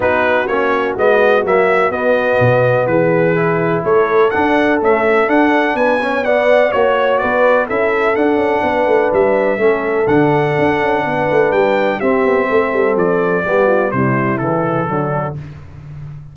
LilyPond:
<<
  \new Staff \with { instrumentName = "trumpet" } { \time 4/4 \tempo 4 = 125 b'4 cis''4 dis''4 e''4 | dis''2 b'2 | cis''4 fis''4 e''4 fis''4 | gis''4 fis''4 cis''4 d''4 |
e''4 fis''2 e''4~ | e''4 fis''2. | g''4 e''2 d''4~ | d''4 c''4 a'2 | }
  \new Staff \with { instrumentName = "horn" } { \time 4/4 fis'1~ | fis'2 gis'2 | a'1 | b'8 cis''8 d''4 cis''4 b'4 |
a'2 b'2 | a'2. b'4~ | b'4 g'4 a'2 | g'8 f'8 e'2 d'4 | }
  \new Staff \with { instrumentName = "trombone" } { \time 4/4 dis'4 cis'4 b4 ais4 | b2. e'4~ | e'4 d'4 a4 d'4~ | d'8 cis'8 b4 fis'2 |
e'4 d'2. | cis'4 d'2.~ | d'4 c'2. | b4 g4 e4 fis4 | }
  \new Staff \with { instrumentName = "tuba" } { \time 4/4 b4 ais4 gis4 fis4 | b4 b,4 e2 | a4 d'4 cis'4 d'4 | b2 ais4 b4 |
cis'4 d'8 cis'8 b8 a8 g4 | a4 d4 d'8 cis'8 b8 a8 | g4 c'8 b8 a8 g8 f4 | g4 c4 cis4 d4 | }
>>